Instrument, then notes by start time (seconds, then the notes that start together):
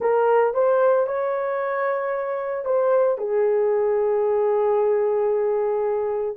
horn
0.00 A#4
0.54 C5
1.06 C#5
2.65 C5
3.18 G#4